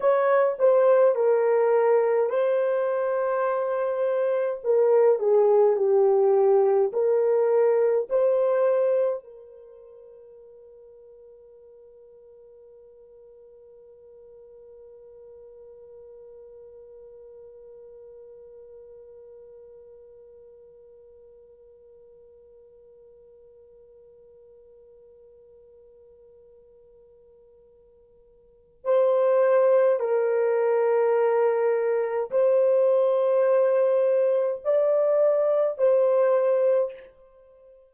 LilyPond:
\new Staff \with { instrumentName = "horn" } { \time 4/4 \tempo 4 = 52 cis''8 c''8 ais'4 c''2 | ais'8 gis'8 g'4 ais'4 c''4 | ais'1~ | ais'1~ |
ais'1~ | ais'1~ | ais'4 c''4 ais'2 | c''2 d''4 c''4 | }